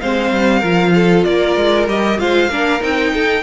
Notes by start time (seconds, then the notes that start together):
0.00 G#3 C4 C5 F5
0.31 G3
0.59 F3 F4 A#4
0.95 A4
1.24 A#3 A#4 D5
1.56 G#3
1.87 G3 G4 D#5
2.18 G#3 F4 C5 F5
2.49 A#3 D4 A#4
2.80 C4 D#4 G5
3.13 D#4 A4